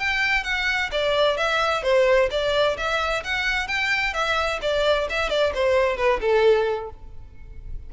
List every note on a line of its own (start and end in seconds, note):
0.00 0.44 G5
0.44 0.90 F#5
0.92 1.38 D5
1.38 1.83 E5
1.83 2.29 C5
2.31 2.77 D5
2.78 3.24 E5
3.24 3.68 F#5
3.68 4.14 G5
4.14 4.60 E5
4.62 5.08 D5
5.10 5.30 E5
5.30 5.53 D5
5.54 5.97 C5
5.97 6.20 B4
6.21 6.90 A4